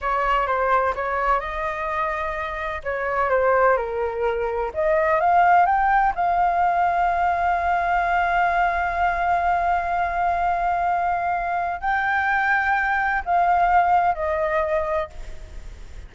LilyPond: \new Staff \with { instrumentName = "flute" } { \time 4/4 \tempo 4 = 127 cis''4 c''4 cis''4 dis''4~ | dis''2 cis''4 c''4 | ais'2 dis''4 f''4 | g''4 f''2.~ |
f''1~ | f''1~ | f''4 g''2. | f''2 dis''2 | }